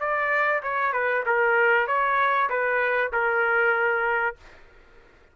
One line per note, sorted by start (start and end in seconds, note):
0.00 0.62 D5
0.62 0.93 C#5
0.93 1.24 B4
1.26 1.87 A#4
1.87 2.49 C#5
2.49 3.11 B4
3.12 4.36 A#4